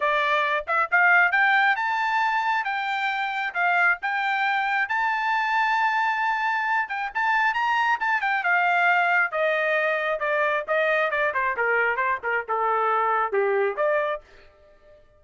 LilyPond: \new Staff \with { instrumentName = "trumpet" } { \time 4/4 \tempo 4 = 135 d''4. e''8 f''4 g''4 | a''2 g''2 | f''4 g''2 a''4~ | a''2.~ a''8 g''8 |
a''4 ais''4 a''8 g''8 f''4~ | f''4 dis''2 d''4 | dis''4 d''8 c''8 ais'4 c''8 ais'8 | a'2 g'4 d''4 | }